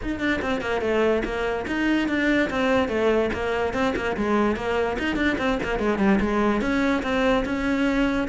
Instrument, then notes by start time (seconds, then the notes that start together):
cello
0.02 D#4
0.19 D4
0.41 C4
0.61 A#3
0.81 A3
1.24 A#3
1.67 D#4
2.08 D4
2.49 C4
2.88 A3
3.33 A#3
3.73 C4
3.95 A#3
4.16 G#3
4.55 A#3
4.98 D#4
5.16 D4
5.38 C4
5.63 A#3
5.79 G#3
5.98 G3
6.20 G#3
6.61 C#4
7.03 C4
7.45 C#4